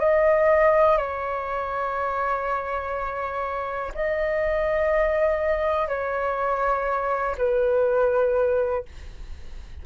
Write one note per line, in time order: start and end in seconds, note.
0.00 0.97 D#5
0.97 3.93 C#5
3.95 5.88 D#5
5.88 7.36 C#5
7.38 8.86 B4